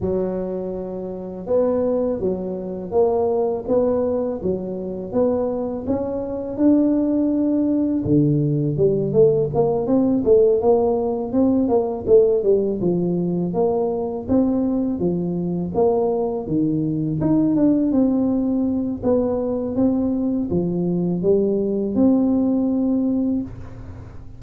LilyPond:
\new Staff \with { instrumentName = "tuba" } { \time 4/4 \tempo 4 = 82 fis2 b4 fis4 | ais4 b4 fis4 b4 | cis'4 d'2 d4 | g8 a8 ais8 c'8 a8 ais4 c'8 |
ais8 a8 g8 f4 ais4 c'8~ | c'8 f4 ais4 dis4 dis'8 | d'8 c'4. b4 c'4 | f4 g4 c'2 | }